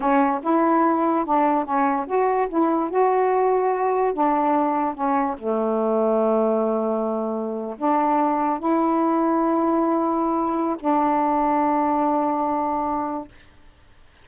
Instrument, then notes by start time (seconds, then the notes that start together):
saxophone
0.00 C#4
0.43 E4
1.25 D4
1.64 C#4
2.07 F#4
2.48 E4
2.89 F#4
4.13 D4
4.94 C#4
5.38 A3
7.78 D4
8.59 E4
10.79 D4